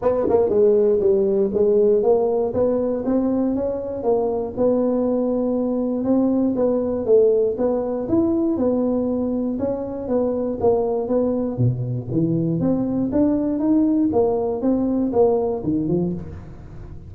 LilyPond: \new Staff \with { instrumentName = "tuba" } { \time 4/4 \tempo 4 = 119 b8 ais8 gis4 g4 gis4 | ais4 b4 c'4 cis'4 | ais4 b2. | c'4 b4 a4 b4 |
e'4 b2 cis'4 | b4 ais4 b4 b,4 | e4 c'4 d'4 dis'4 | ais4 c'4 ais4 dis8 f8 | }